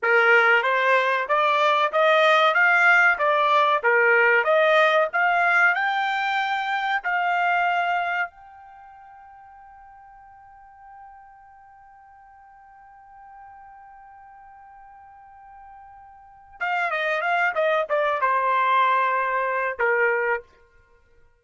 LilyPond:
\new Staff \with { instrumentName = "trumpet" } { \time 4/4 \tempo 4 = 94 ais'4 c''4 d''4 dis''4 | f''4 d''4 ais'4 dis''4 | f''4 g''2 f''4~ | f''4 g''2.~ |
g''1~ | g''1~ | g''2 f''8 dis''8 f''8 dis''8 | d''8 c''2~ c''8 ais'4 | }